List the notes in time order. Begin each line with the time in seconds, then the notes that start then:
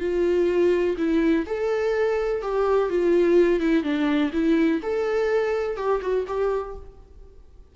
0.00 F4
0.98 E4
1.46 A4
2.42 G4
2.90 F4
3.60 E4
3.83 D4
4.33 E4
4.82 A4
5.77 G4
6.02 F#4
6.27 G4